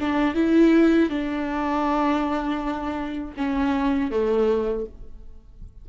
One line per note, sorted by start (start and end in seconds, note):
0.00 0.34 D4
0.34 1.09 E4
1.09 3.34 D4
3.36 4.10 C#4
4.10 4.85 A3